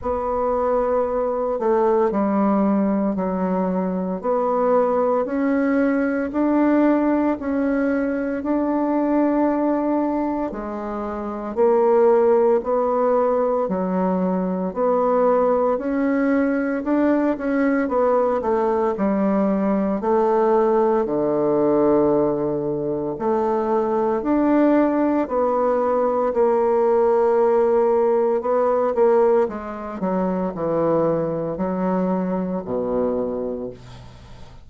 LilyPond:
\new Staff \with { instrumentName = "bassoon" } { \time 4/4 \tempo 4 = 57 b4. a8 g4 fis4 | b4 cis'4 d'4 cis'4 | d'2 gis4 ais4 | b4 fis4 b4 cis'4 |
d'8 cis'8 b8 a8 g4 a4 | d2 a4 d'4 | b4 ais2 b8 ais8 | gis8 fis8 e4 fis4 b,4 | }